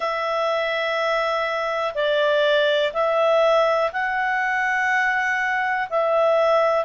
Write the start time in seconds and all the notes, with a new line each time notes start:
0.00 E5
1.94 D5
2.92 E5
3.92 F#5
5.89 E5